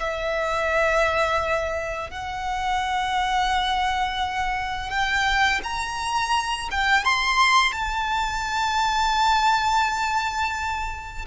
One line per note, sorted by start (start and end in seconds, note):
0.00 2.10 E5
2.10 4.91 F#5
4.91 5.61 G5
5.64 6.70 A#5
6.72 7.05 G5
7.05 7.73 C6
7.73 11.26 A5